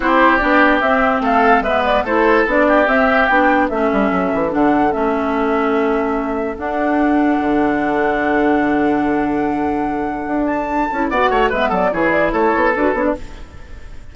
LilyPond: <<
  \new Staff \with { instrumentName = "flute" } { \time 4/4 \tempo 4 = 146 c''4 d''4 e''4 f''4 | e''8 d''8 c''4 d''4 e''4 | g''4 e''2 fis''4 | e''1 |
fis''1~ | fis''1~ | fis''4. a''4. fis''4 | e''8 d''8 cis''8 d''8 cis''4 b'8 cis''16 d''16 | }
  \new Staff \with { instrumentName = "oboe" } { \time 4/4 g'2. a'4 | b'4 a'4. g'4.~ | g'4 a'2.~ | a'1~ |
a'1~ | a'1~ | a'2. d''8 cis''8 | b'8 a'8 gis'4 a'2 | }
  \new Staff \with { instrumentName = "clarinet" } { \time 4/4 e'4 d'4 c'2 | b4 e'4 d'4 c'4 | d'4 cis'2 d'4 | cis'1 |
d'1~ | d'1~ | d'2~ d'8 e'8 fis'4 | b4 e'2 fis'8 d'8 | }
  \new Staff \with { instrumentName = "bassoon" } { \time 4/4 c'4 b4 c'4 a4 | gis4 a4 b4 c'4 | b4 a8 g8 fis8 e8 d4 | a1 |
d'2 d2~ | d1~ | d4 d'4. cis'8 b8 a8 | gis8 fis8 e4 a8 b8 d'8 b8 | }
>>